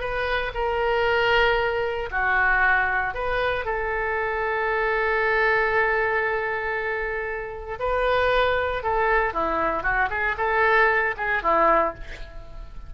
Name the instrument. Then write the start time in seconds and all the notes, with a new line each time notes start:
oboe
0.00 B4
0.54 A#4
2.11 F#4
3.14 B4
3.65 A4
7.79 B4
8.83 A4
9.33 E4
9.83 F#4
10.10 G#4
10.37 A4
11.17 G#4
11.42 E4